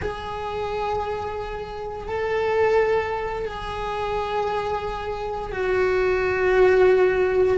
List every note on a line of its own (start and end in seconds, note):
0.01 2.08 G#4
2.08 3.45 A4
3.45 5.52 G#4
5.52 7.57 F#4